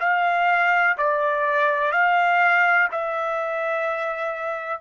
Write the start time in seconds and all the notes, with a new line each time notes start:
0.00 F5
0.98 D5
1.92 F5
2.91 E5